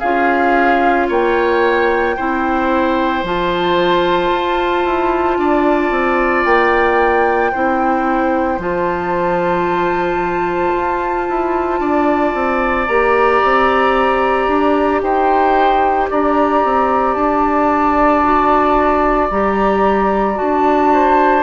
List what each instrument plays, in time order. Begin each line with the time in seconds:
0.00 bassoon C#4, clarinet F4, oboe G#4, flute F5
1.09 bassoon A#3, oboe C#5, flute G5
2.17 bassoon C4, clarinet E4, oboe C5
3.24 bassoon F3, clarinet F4, flute A5
4.31 bassoon F4
4.85 bassoon E4
5.38 bassoon D4, oboe D5
5.91 bassoon C4
6.45 bassoon A#3, flute G5
7.52 bassoon C4, clarinet E4, oboe C5
8.59 bassoon F3, clarinet F4, flute A5
10.74 bassoon F4
11.30 bassoon E4
11.81 bassoon D4, oboe D5
12.34 bassoon C4
12.87 bassoon A#3, clarinet G4, flute A#5
13.44 bassoon C4
14.48 bassoon D4
15.02 bassoon D#4, oboe C5, flute G5
16.10 bassoon D4, oboe D5, flute A#5
16.65 bassoon C4
17.15 bassoon D4, flute A5
18.24 clarinet F#4
19.31 bassoon G3, clarinet G4, flute A#5
20.35 clarinet F#4, flute A5
20.42 bassoon D4
20.94 oboe C5